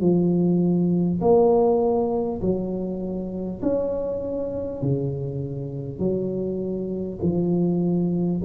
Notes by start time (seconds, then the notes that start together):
0.00 F3
1.21 A#3
2.41 F#3
3.62 C#4
4.82 C#3
5.99 F#3
7.22 F3